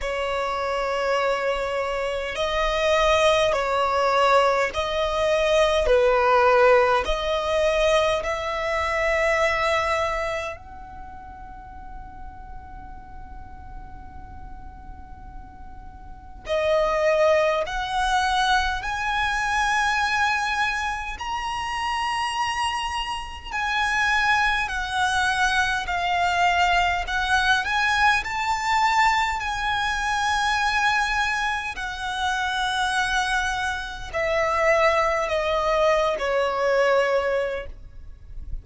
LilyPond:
\new Staff \with { instrumentName = "violin" } { \time 4/4 \tempo 4 = 51 cis''2 dis''4 cis''4 | dis''4 b'4 dis''4 e''4~ | e''4 fis''2.~ | fis''2 dis''4 fis''4 |
gis''2 ais''2 | gis''4 fis''4 f''4 fis''8 gis''8 | a''4 gis''2 fis''4~ | fis''4 e''4 dis''8. cis''4~ cis''16 | }